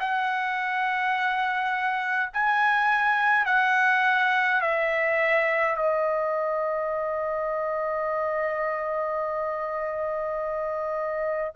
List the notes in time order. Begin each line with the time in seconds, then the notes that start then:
0.00 F#5
2.33 G#5
3.46 F#5
4.62 E5
5.76 D#5